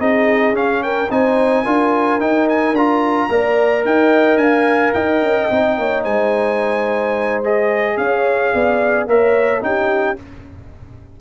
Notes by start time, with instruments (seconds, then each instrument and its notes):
0.00 tuba C4, trombone D#4, horn G#4, trumpet D#5
0.53 tuba C#4, trombone C#4, trumpet F5
0.83 horn A#4, trumpet G5
1.11 tuba C4, trombone D#4, horn C5, trumpet G#5
1.64 tuba D4, trombone F4, horn A#4
2.20 trombone D#4, tuba D#4, trumpet G5
2.49 trumpet G#5
2.73 tuba D4, trombone F4, trumpet A#5
3.30 tuba A#3, trombone A#4, horn D5
3.85 tuba D#4, horn D#5, trumpet G5
4.37 tuba D4, horn F5, trumpet G#5
4.94 tuba D#4, horn D#5, trumpet G5
5.22 tuba C#4
5.51 tuba C4, trombone D#4
5.79 tuba A#3, horn C#5
6.04 tuba G#3, horn C5, trumpet G#5
7.44 trombone G#4, trumpet D#5
7.98 tuba C#4, horn C#5, trumpet F5
8.54 tuba B3, horn D5
9.07 tuba A#3, trombone A#4, horn C#5, trumpet E5
9.61 tuba C#4, trombone D#4, horn G4, trumpet G5